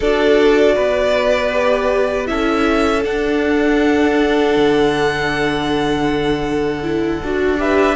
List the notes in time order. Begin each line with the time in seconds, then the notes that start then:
0.00 D4 F#4 A4 D5
0.75 B3 B4
1.51 G4
2.26 C#4 E4 A4 E5
3.03 D4 F#5
4.56 D3
6.83 E4
7.22 D4 F#4
7.57 G4 B4 E5